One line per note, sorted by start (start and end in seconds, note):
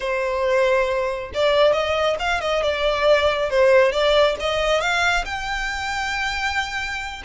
0.00 1.31 C5
1.34 1.72 D5
1.72 2.16 D#5
2.19 2.40 F5
2.40 2.62 D#5
2.62 3.50 D5
3.50 3.92 C5
3.92 4.36 D5
4.40 4.80 D#5
4.80 5.24 F5
5.25 7.22 G5